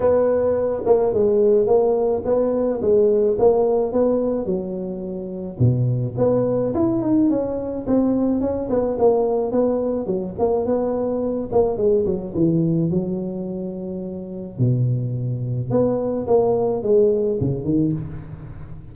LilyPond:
\new Staff \with { instrumentName = "tuba" } { \time 4/4 \tempo 4 = 107 b4. ais8 gis4 ais4 | b4 gis4 ais4 b4 | fis2 b,4 b4 | e'8 dis'8 cis'4 c'4 cis'8 b8 |
ais4 b4 fis8 ais8 b4~ | b8 ais8 gis8 fis8 e4 fis4~ | fis2 b,2 | b4 ais4 gis4 cis8 dis8 | }